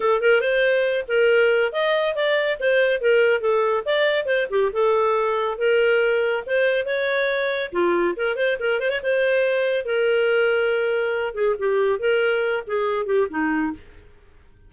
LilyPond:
\new Staff \with { instrumentName = "clarinet" } { \time 4/4 \tempo 4 = 140 a'8 ais'8 c''4. ais'4. | dis''4 d''4 c''4 ais'4 | a'4 d''4 c''8 g'8 a'4~ | a'4 ais'2 c''4 |
cis''2 f'4 ais'8 c''8 | ais'8 c''16 cis''16 c''2 ais'4~ | ais'2~ ais'8 gis'8 g'4 | ais'4. gis'4 g'8 dis'4 | }